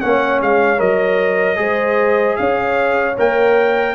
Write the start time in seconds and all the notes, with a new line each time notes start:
0.00 A#3 C#4 C#5 F#5
0.41 G#3 F5
0.78 F#3 A#4 D#5
1.56 G#3 G#4 C5
2.36 C#4 C#5 F5
3.18 A#3 A#4 G5